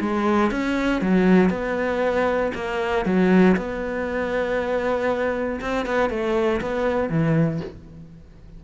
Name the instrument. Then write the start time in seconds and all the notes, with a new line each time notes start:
cello
0.00 G#3
0.51 C#4
1.01 F#3
1.50 B3
2.54 A#3
3.05 F#3
3.57 B3
5.61 C4
5.85 B3
6.10 A3
6.61 B3
7.09 E3